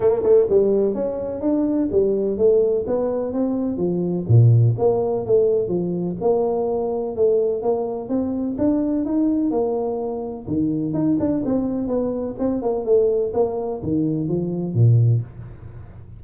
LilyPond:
\new Staff \with { instrumentName = "tuba" } { \time 4/4 \tempo 4 = 126 ais8 a8 g4 cis'4 d'4 | g4 a4 b4 c'4 | f4 ais,4 ais4 a4 | f4 ais2 a4 |
ais4 c'4 d'4 dis'4 | ais2 dis4 dis'8 d'8 | c'4 b4 c'8 ais8 a4 | ais4 dis4 f4 ais,4 | }